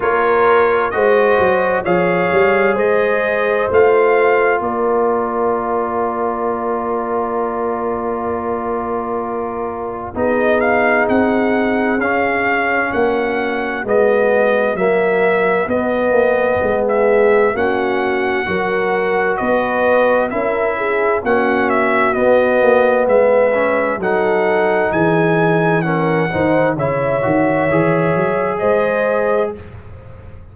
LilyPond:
<<
  \new Staff \with { instrumentName = "trumpet" } { \time 4/4 \tempo 4 = 65 cis''4 dis''4 f''4 dis''4 | f''4 d''2.~ | d''2. dis''8 f''8 | fis''4 f''4 fis''4 dis''4 |
e''4 dis''4~ dis''16 e''8. fis''4~ | fis''4 dis''4 e''4 fis''8 e''8 | dis''4 e''4 fis''4 gis''4 | fis''4 e''2 dis''4 | }
  \new Staff \with { instrumentName = "horn" } { \time 4/4 ais'4 c''4 cis''4 c''4~ | c''4 ais'2.~ | ais'2. gis'4~ | gis'2 fis'2~ |
fis'2 gis'4 fis'4 | ais'4 b'4 ais'8 gis'8 fis'4~ | fis'4 b'4 a'4 gis'4 | ais'8 c''8 cis''2 c''4 | }
  \new Staff \with { instrumentName = "trombone" } { \time 4/4 f'4 fis'4 gis'2 | f'1~ | f'2. dis'4~ | dis'4 cis'2 b4 |
ais4 b2 cis'4 | fis'2 e'4 cis'4 | b4. cis'8 dis'2 | cis'8 dis'8 e'8 fis'8 gis'2 | }
  \new Staff \with { instrumentName = "tuba" } { \time 4/4 ais4 gis8 fis8 f8 g8 gis4 | a4 ais2.~ | ais2. b4 | c'4 cis'4 ais4 gis4 |
fis4 b8 ais8 gis4 ais4 | fis4 b4 cis'4 ais4 | b8 ais8 gis4 fis4 e4~ | e8 dis8 cis8 dis8 e8 fis8 gis4 | }
>>